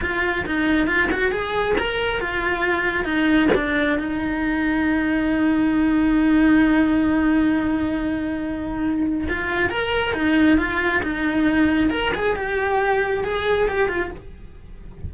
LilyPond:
\new Staff \with { instrumentName = "cello" } { \time 4/4 \tempo 4 = 136 f'4 dis'4 f'8 fis'8 gis'4 | ais'4 f'2 dis'4 | d'4 dis'2.~ | dis'1~ |
dis'1~ | dis'4 f'4 ais'4 dis'4 | f'4 dis'2 ais'8 gis'8 | g'2 gis'4 g'8 f'8 | }